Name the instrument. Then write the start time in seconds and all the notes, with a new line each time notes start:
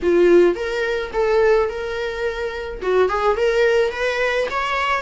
viola
0.02 F4
0.55 A#4
1.13 A4
1.69 A#4
2.82 F#4
3.08 G#4
3.36 A#4
3.91 B4
4.50 C#5